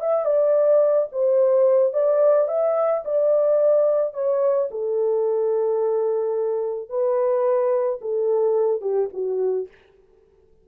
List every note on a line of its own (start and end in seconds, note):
0.00 0.25 E5
0.25 1.08 D5
1.12 1.93 C5
1.93 2.48 D5
2.48 3.03 E5
3.04 4.13 D5
4.13 4.68 C#5
4.70 6.89 A4
6.89 7.99 B4
8.01 8.81 A4
8.81 9.09 G4
9.13 9.68 F#4